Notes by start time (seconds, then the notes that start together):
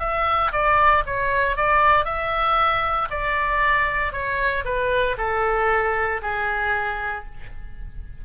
0.00 E5
0.52 D5
1.06 C#5
1.57 D5
2.05 E5
3.11 D5
4.12 C#5
4.65 B4
5.18 A4
6.22 G#4